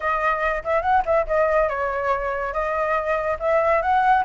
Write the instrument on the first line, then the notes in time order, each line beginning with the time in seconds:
flute
0.00 D#5
0.64 E5
0.81 F#5
1.05 E5
1.26 D#5
1.68 C#5
2.53 D#5
3.39 E5
3.82 F#5